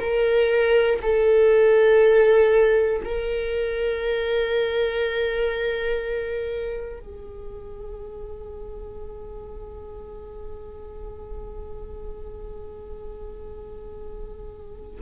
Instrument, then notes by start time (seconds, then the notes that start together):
viola
0.00 A#4
1.02 A4
3.05 A#4
7.00 G#4